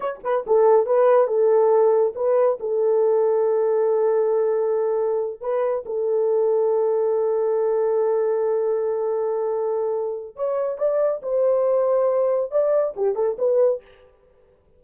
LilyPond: \new Staff \with { instrumentName = "horn" } { \time 4/4 \tempo 4 = 139 cis''8 b'8 a'4 b'4 a'4~ | a'4 b'4 a'2~ | a'1~ | a'8 b'4 a'2~ a'8~ |
a'1~ | a'1 | cis''4 d''4 c''2~ | c''4 d''4 g'8 a'8 b'4 | }